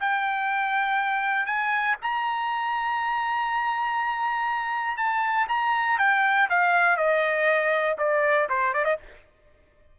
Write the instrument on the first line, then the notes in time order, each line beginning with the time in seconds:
trumpet
0.00 G5
1.46 G#5
2.02 A#5
4.97 A5
5.48 A#5
5.98 G5
6.50 F5
6.97 D#5
7.98 D5
8.49 C5
8.74 D5
8.84 D#5